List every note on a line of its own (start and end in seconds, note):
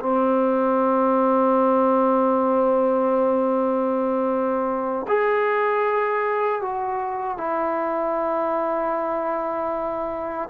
0.00 5.06 C4
5.08 6.61 G#4
6.61 7.37 F#4
7.37 10.49 E4